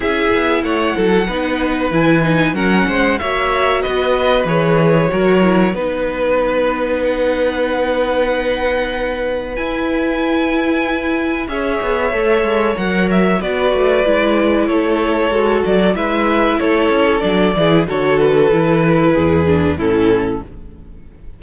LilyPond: <<
  \new Staff \with { instrumentName = "violin" } { \time 4/4 \tempo 4 = 94 e''4 fis''2 gis''4 | fis''4 e''4 dis''4 cis''4~ | cis''4 b'2 fis''4~ | fis''2. gis''4~ |
gis''2 e''2 | fis''8 e''8 d''2 cis''4~ | cis''8 d''8 e''4 cis''4 d''4 | cis''8 b'2~ b'8 a'4 | }
  \new Staff \with { instrumentName = "violin" } { \time 4/4 gis'4 cis''8 a'8 b'2 | ais'8 c''8 cis''4 b'2 | ais'4 b'2.~ | b'1~ |
b'2 cis''2~ | cis''4 b'2 a'4~ | a'4 b'4 a'4. gis'8 | a'2 gis'4 e'4 | }
  \new Staff \with { instrumentName = "viola" } { \time 4/4 e'2 dis'4 e'8 dis'8 | cis'4 fis'2 gis'4 | fis'8 e'8 dis'2.~ | dis'2. e'4~ |
e'2 gis'4 a'4 | ais'4 fis'4 e'2 | fis'4 e'2 d'8 e'8 | fis'4 e'4. d'8 cis'4 | }
  \new Staff \with { instrumentName = "cello" } { \time 4/4 cis'8 b8 a8 fis8 b4 e4 | fis8 gis8 ais4 b4 e4 | fis4 b2.~ | b2. e'4~ |
e'2 cis'8 b8 a8 gis8 | fis4 b8 a8 gis4 a4 | gis8 fis8 gis4 a8 cis'8 fis8 e8 | d4 e4 e,4 a,4 | }
>>